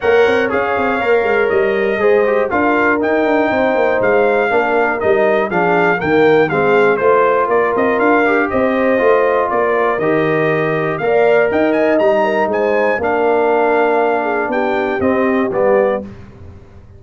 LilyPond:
<<
  \new Staff \with { instrumentName = "trumpet" } { \time 4/4 \tempo 4 = 120 fis''4 f''2 dis''4~ | dis''4 f''4 g''2 | f''2 dis''4 f''4 | g''4 f''4 c''4 d''8 dis''8 |
f''4 dis''2 d''4 | dis''2 f''4 g''8 gis''8 | ais''4 gis''4 f''2~ | f''4 g''4 dis''4 d''4 | }
  \new Staff \with { instrumentName = "horn" } { \time 4/4 cis''1 | c''4 ais'2 c''4~ | c''4 ais'2 gis'4 | ais'4 gis'4 c''4 ais'4~ |
ais'4 c''2 ais'4~ | ais'2 d''4 dis''4~ | dis''8 ais'8 c''4 ais'2~ | ais'8 gis'8 g'2. | }
  \new Staff \with { instrumentName = "trombone" } { \time 4/4 ais'4 gis'4 ais'2 | gis'8 g'8 f'4 dis'2~ | dis'4 d'4 dis'4 d'4 | ais4 c'4 f'2~ |
f'8 g'4. f'2 | g'2 ais'2 | dis'2 d'2~ | d'2 c'4 b4 | }
  \new Staff \with { instrumentName = "tuba" } { \time 4/4 ais8 c'8 cis'8 c'8 ais8 gis8 g4 | gis4 d'4 dis'8 d'8 c'8 ais8 | gis4 ais4 g4 f4 | dis4 gis4 a4 ais8 c'8 |
d'4 c'4 a4 ais4 | dis2 ais4 dis'4 | g4 gis4 ais2~ | ais4 b4 c'4 g4 | }
>>